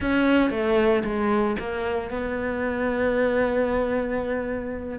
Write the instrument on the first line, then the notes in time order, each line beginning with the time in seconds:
cello
0.00 C#4
0.50 A3
1.04 G#3
1.59 A#3
2.10 B3